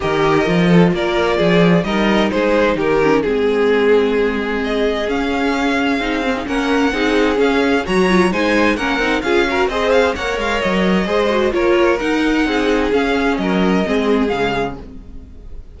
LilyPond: <<
  \new Staff \with { instrumentName = "violin" } { \time 4/4 \tempo 4 = 130 dis''2 d''2 | dis''4 c''4 ais'4 gis'4~ | gis'2 dis''4 f''4~ | f''2 fis''2 |
f''4 ais''4 gis''4 fis''4 | f''4 dis''8 f''8 fis''8 f''8 dis''4~ | dis''4 cis''4 fis''2 | f''4 dis''2 f''4 | }
  \new Staff \with { instrumentName = "violin" } { \time 4/4 ais'4. a'8 ais'4 gis'4 | ais'4 gis'4 g'4 gis'4~ | gis'1~ | gis'2 ais'4 gis'4~ |
gis'4 cis''4 c''4 ais'4 | gis'8 ais'8 c''4 cis''2 | c''4 ais'2 gis'4~ | gis'4 ais'4 gis'2 | }
  \new Staff \with { instrumentName = "viola" } { \time 4/4 g'4 f'2. | dis'2~ dis'8 cis'8 c'4~ | c'2. cis'4~ | cis'4 dis'8 c'16 dis'16 cis'4 dis'4 |
cis'4 fis'8 f'8 dis'4 cis'8 dis'8 | f'8 fis'8 gis'4 ais'2 | gis'8 fis'8 f'4 dis'2 | cis'2 c'4 gis4 | }
  \new Staff \with { instrumentName = "cello" } { \time 4/4 dis4 f4 ais4 f4 | g4 gis4 dis4 gis4~ | gis2. cis'4~ | cis'4 c'4 ais4 c'4 |
cis'4 fis4 gis4 ais8 c'8 | cis'4 c'4 ais8 gis8 fis4 | gis4 ais4 dis'4 c'4 | cis'4 fis4 gis4 cis4 | }
>>